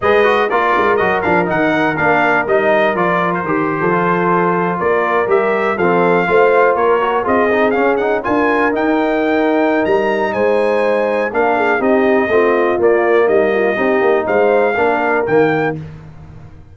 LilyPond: <<
  \new Staff \with { instrumentName = "trumpet" } { \time 4/4 \tempo 4 = 122 dis''4 d''4 dis''8 f''8 fis''4 | f''4 dis''4 d''8. c''4~ c''16~ | c''4.~ c''16 d''4 e''4 f''16~ | f''4.~ f''16 cis''4 dis''4 f''16~ |
f''16 fis''8 gis''4 g''2~ g''16 | ais''4 gis''2 f''4 | dis''2 d''4 dis''4~ | dis''4 f''2 g''4 | }
  \new Staff \with { instrumentName = "horn" } { \time 4/4 b'4 ais'2.~ | ais'2.~ ais'8. a'16~ | a'4.~ a'16 ais'2 a'16~ | a'8. c''4 ais'4 gis'4~ gis'16~ |
gis'8. ais'2.~ ais'16~ | ais'4 c''2 ais'8 gis'8 | g'4 f'2 dis'8 f'8 | g'4 c''4 ais'2 | }
  \new Staff \with { instrumentName = "trombone" } { \time 4/4 gis'8 fis'8 f'4 fis'8 d'8 dis'4 | d'4 dis'4 f'4 g'4 | f'2~ f'8. g'4 c'16~ | c'8. f'4. fis'8 f'8 dis'8 cis'16~ |
cis'16 dis'8 f'4 dis'2~ dis'16~ | dis'2. d'4 | dis'4 c'4 ais2 | dis'2 d'4 ais4 | }
  \new Staff \with { instrumentName = "tuba" } { \time 4/4 gis4 ais8 gis8 fis8 f8 dis4 | ais4 g4 f4 dis8. f16~ | f4.~ f16 ais4 g4 f16~ | f8. a4 ais4 c'4 cis'16~ |
cis'8. d'4 dis'2~ dis'16 | g4 gis2 ais4 | c'4 a4 ais4 g4 | c'8 ais8 gis4 ais4 dis4 | }
>>